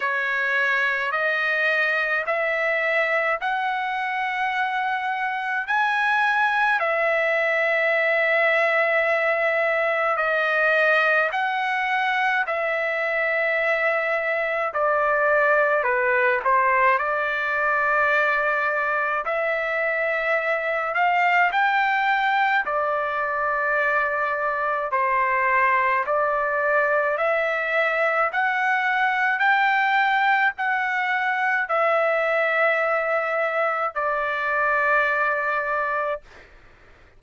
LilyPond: \new Staff \with { instrumentName = "trumpet" } { \time 4/4 \tempo 4 = 53 cis''4 dis''4 e''4 fis''4~ | fis''4 gis''4 e''2~ | e''4 dis''4 fis''4 e''4~ | e''4 d''4 b'8 c''8 d''4~ |
d''4 e''4. f''8 g''4 | d''2 c''4 d''4 | e''4 fis''4 g''4 fis''4 | e''2 d''2 | }